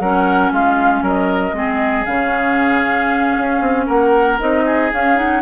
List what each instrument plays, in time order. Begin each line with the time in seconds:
0.00 bassoon F#3, clarinet C#4, oboe A#4, flute F#5
0.52 bassoon G#3, oboe F4, flute F5
1.02 bassoon F#3, oboe A#4, flute D#5
1.53 bassoon G#3, clarinet C4, oboe G#4
2.06 bassoon C#3, clarinet C#4, flute F5
3.38 bassoon C#4
3.61 bassoon C4
3.87 bassoon A#3, oboe A#4, flute F#5
4.40 bassoon C4, clarinet D#4, flute D#5
4.66 oboe G#4
4.93 bassoon C#4, clarinet C#4, flute F5
5.16 clarinet D#4, flute F#5